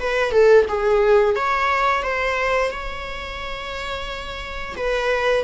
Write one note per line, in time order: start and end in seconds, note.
0.00 0.32 B4
0.32 0.66 A4
0.69 1.36 G#4
1.36 2.03 C#5
2.03 2.71 C5
2.71 4.76 C#5
4.77 5.45 B4